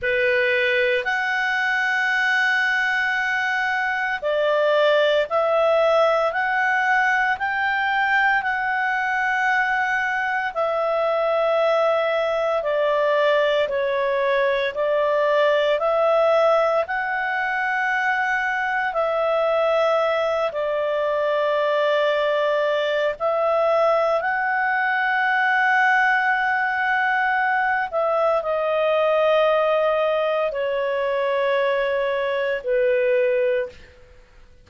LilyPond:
\new Staff \with { instrumentName = "clarinet" } { \time 4/4 \tempo 4 = 57 b'4 fis''2. | d''4 e''4 fis''4 g''4 | fis''2 e''2 | d''4 cis''4 d''4 e''4 |
fis''2 e''4. d''8~ | d''2 e''4 fis''4~ | fis''2~ fis''8 e''8 dis''4~ | dis''4 cis''2 b'4 | }